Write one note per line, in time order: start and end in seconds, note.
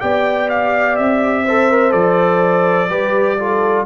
0.00 0.99 B3
0.00 1.45 G4
0.00 1.44 D5
0.00 0.49 G5
0.49 0.96 F5
0.96 1.93 C4
0.96 1.92 E5
1.44 1.71 A4
1.44 2.90 C5
1.71 1.91 A#4
1.91 2.89 F3
1.91 2.87 A4
1.91 3.85 D5
2.89 3.86 G3
2.89 3.38 G4
2.89 3.38 B4
3.38 3.86 F4
3.38 3.86 A4